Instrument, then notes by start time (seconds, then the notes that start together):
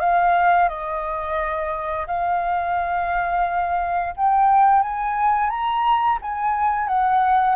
flute
0.00 F5
0.69 D#5
2.07 F5
4.17 G5
4.82 G#5
5.50 A#5
6.22 G#5
6.87 F#5